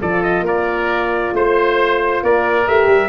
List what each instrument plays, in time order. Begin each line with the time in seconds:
0.00 tuba F3, horn F4, oboe A4, trumpet D5
0.23 trumpet D#5
0.41 tuba A#3, oboe A#4
0.48 trumpet D5
1.34 tuba A3, trumpet C5, oboe C5
2.23 tuba A#3, oboe A#4, trumpet D5
2.67 tuba A3, horn G4, trumpet E5
2.87 tuba G3